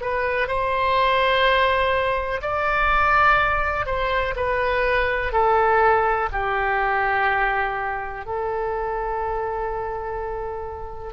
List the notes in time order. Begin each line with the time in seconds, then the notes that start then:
0.00 B4
0.47 C5
2.41 D5
3.86 C5
4.35 B4
5.32 A4
6.32 G4
8.25 A4